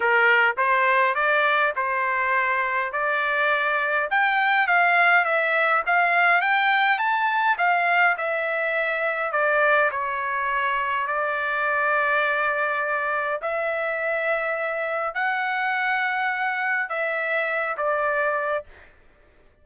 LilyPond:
\new Staff \with { instrumentName = "trumpet" } { \time 4/4 \tempo 4 = 103 ais'4 c''4 d''4 c''4~ | c''4 d''2 g''4 | f''4 e''4 f''4 g''4 | a''4 f''4 e''2 |
d''4 cis''2 d''4~ | d''2. e''4~ | e''2 fis''2~ | fis''4 e''4. d''4. | }